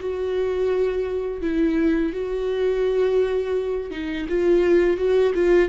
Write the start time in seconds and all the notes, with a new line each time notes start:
0.00 F#4
1.42 E4
2.13 F#4
3.91 D#4
4.29 F4
4.97 F#4
5.35 F4